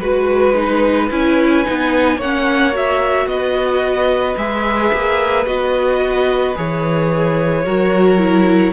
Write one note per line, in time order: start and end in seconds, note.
0.00 1.10 G#3
0.00 0.55 F#4
0.00 1.09 B4
0.00 2.17 B4
0.55 1.09 D#4
1.11 1.65 C#4
1.11 1.65 E4
1.11 2.20 G#5
1.65 2.17 B3
1.65 2.20 D#4
2.17 3.26 A#3
2.17 2.72 C#4
2.17 3.27 C#5
2.17 2.75 F#5
2.72 4.36 F#4
2.72 3.28 E5
3.26 4.35 B3
3.26 7.65 B4
3.26 4.37 D#5
4.37 4.92 G#3
4.37 5.46 G#4
4.37 5.46 E5
4.93 5.46 A#3
5.46 6.55 B3
5.46 6.55 F#4
5.46 6.55 D#5
6.55 7.65 E3
6.55 7.65 G#4
6.55 8.73 C#5
7.65 8.73 F#3
7.65 8.18 F#4
7.65 8.73 A#4
8.18 8.72 E4